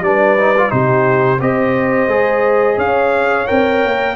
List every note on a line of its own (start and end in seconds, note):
0.00 0.69 G3
0.00 0.38 D4
0.00 0.71 B4
0.00 0.71 D5
0.38 0.55 D#4
0.57 0.69 F4
0.69 1.41 C3
0.69 1.38 D#4
0.69 1.40 G4
0.69 1.40 C5
1.40 2.07 C4
1.40 2.09 G4
1.40 2.77 C5
1.40 2.78 D#5
2.07 2.76 G#3
2.07 3.46 G#4
2.77 3.46 C#4
2.77 4.15 C#5
2.77 3.47 F5
3.46 3.84 C4
3.46 4.15 A#4
3.46 4.16 G5
3.84 4.16 A#3